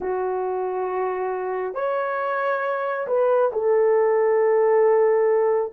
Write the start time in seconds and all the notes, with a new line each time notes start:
0.00 F#4
1.74 C#5
3.06 B4
3.52 A4